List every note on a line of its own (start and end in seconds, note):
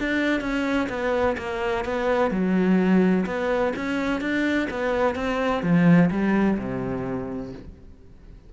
0.00 0.41 D4
0.41 0.88 C#4
0.90 1.37 B3
1.38 1.85 A#3
1.85 2.31 B3
2.31 3.26 F#3
3.26 3.74 B3
3.77 4.21 C#4
4.21 4.69 D4
4.71 5.16 B3
5.16 5.63 C4
5.63 6.10 F3
6.11 6.58 G3
6.59 7.53 C3